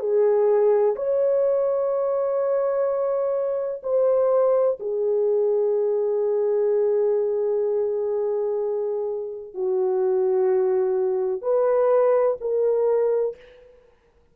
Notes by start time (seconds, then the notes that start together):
0.00 G#4
0.97 C#5
3.83 C5
4.80 G#4
9.55 F#4
11.42 B4
12.41 A#4